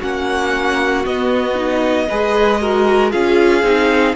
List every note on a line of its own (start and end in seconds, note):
0.00 1.06 A#3
0.00 1.05 C#4
0.00 2.07 F#4
0.00 1.06 F#5
1.05 1.55 B3
1.05 2.09 B3
1.05 3.12 D#5
1.55 2.07 D#4
2.09 3.14 G#3
2.09 2.61 G#4
2.09 2.61 B4
2.61 3.11 F#4
2.61 3.12 A#4
3.11 3.63 C#4
3.11 3.63 F4
3.11 4.15 G#4
3.11 4.15 F5
3.63 4.14 C4
3.63 4.15 D#4